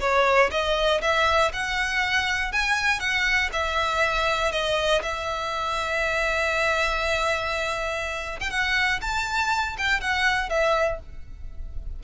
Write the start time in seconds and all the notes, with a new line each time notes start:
0.00 C#5
0.51 D#5
1.01 E5
1.52 F#5
2.52 G#5
3.00 F#5
3.52 E5
4.52 D#5
5.02 E5
8.40 G5
8.50 F#5
9.01 A5
9.78 G5
10.00 F#5
10.49 E5